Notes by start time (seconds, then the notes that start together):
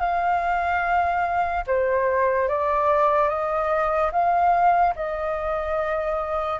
0.00 F5
1.67 C5
2.48 D5
3.28 D#5
4.12 F5
4.96 D#5